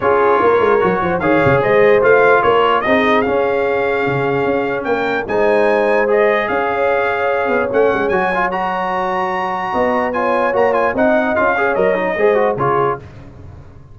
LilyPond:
<<
  \new Staff \with { instrumentName = "trumpet" } { \time 4/4 \tempo 4 = 148 cis''2. f''4 | dis''4 f''4 cis''4 dis''4 | f''1 | g''4 gis''2 dis''4 |
f''2. fis''4 | gis''4 ais''2.~ | ais''4 gis''4 ais''8 gis''8 fis''4 | f''4 dis''2 cis''4 | }
  \new Staff \with { instrumentName = "horn" } { \time 4/4 gis'4 ais'4. c''8 cis''4 | c''2 ais'4 gis'4~ | gis'1 | ais'4 c''2. |
cis''1~ | cis''1 | dis''4 cis''2 dis''4~ | dis''8 cis''4. c''4 gis'4 | }
  \new Staff \with { instrumentName = "trombone" } { \time 4/4 f'2 fis'4 gis'4~ | gis'4 f'2 dis'4 | cis'1~ | cis'4 dis'2 gis'4~ |
gis'2. cis'4 | fis'8 f'8 fis'2.~ | fis'4 f'4 fis'8 f'8 dis'4 | f'8 gis'8 ais'8 dis'8 gis'8 fis'8 f'4 | }
  \new Staff \with { instrumentName = "tuba" } { \time 4/4 cis'4 ais8 gis8 fis8 f8 dis8 cis8 | gis4 a4 ais4 c'4 | cis'2 cis4 cis'4 | ais4 gis2. |
cis'2~ cis'8 b8 a8 gis8 | fis1 | b2 ais4 c'4 | cis'4 fis4 gis4 cis4 | }
>>